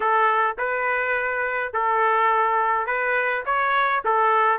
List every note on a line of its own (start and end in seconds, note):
0.00 0.56 A4
0.58 1.73 B4
1.73 2.86 A4
2.86 3.44 B4
3.45 4.03 C#5
4.04 4.58 A4